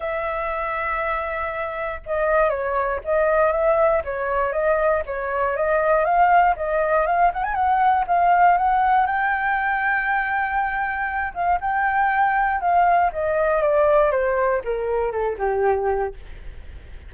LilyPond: \new Staff \with { instrumentName = "flute" } { \time 4/4 \tempo 4 = 119 e''1 | dis''4 cis''4 dis''4 e''4 | cis''4 dis''4 cis''4 dis''4 | f''4 dis''4 f''8 fis''16 gis''16 fis''4 |
f''4 fis''4 g''2~ | g''2~ g''8 f''8 g''4~ | g''4 f''4 dis''4 d''4 | c''4 ais'4 a'8 g'4. | }